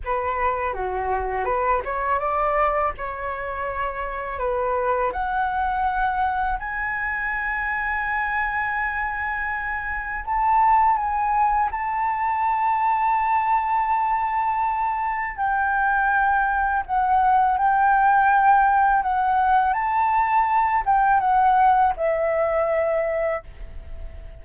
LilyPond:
\new Staff \with { instrumentName = "flute" } { \time 4/4 \tempo 4 = 82 b'4 fis'4 b'8 cis''8 d''4 | cis''2 b'4 fis''4~ | fis''4 gis''2.~ | gis''2 a''4 gis''4 |
a''1~ | a''4 g''2 fis''4 | g''2 fis''4 a''4~ | a''8 g''8 fis''4 e''2 | }